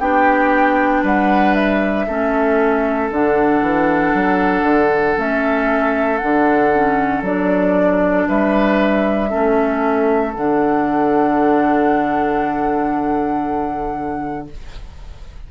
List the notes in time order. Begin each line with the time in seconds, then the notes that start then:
0.00 B3 D4 G4 G5
1.02 G3 B4 F#5
1.55 E5
2.07 A3 C#4 A4
3.11 D3 D4 F#5
3.62 E3
4.14 F#3
4.63 D3
5.17 A3 C#4 E5
6.18 D3 D4 F#5
6.73 C#4
7.22 F#3 D4 D5
8.28 G3 B4 E5
9.29 A3 C#4 A4
10.33 D3 D4 F#5